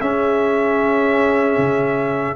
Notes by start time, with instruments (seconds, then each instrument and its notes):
0.00 tuba C#4, trombone C#4, horn G#4, trumpet E5
1.57 tuba C#3